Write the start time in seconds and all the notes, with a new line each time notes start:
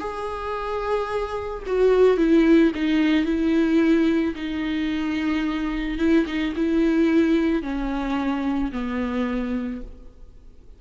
0.00 G#4
1.67 F#4
2.18 E4
2.75 D#4
3.26 E4
4.36 D#4
5.99 E4
6.27 D#4
6.56 E4
7.63 C#4
8.73 B3